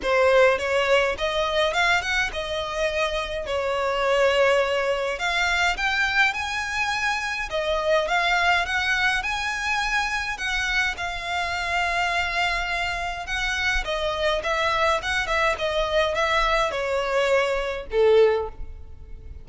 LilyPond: \new Staff \with { instrumentName = "violin" } { \time 4/4 \tempo 4 = 104 c''4 cis''4 dis''4 f''8 fis''8 | dis''2 cis''2~ | cis''4 f''4 g''4 gis''4~ | gis''4 dis''4 f''4 fis''4 |
gis''2 fis''4 f''4~ | f''2. fis''4 | dis''4 e''4 fis''8 e''8 dis''4 | e''4 cis''2 a'4 | }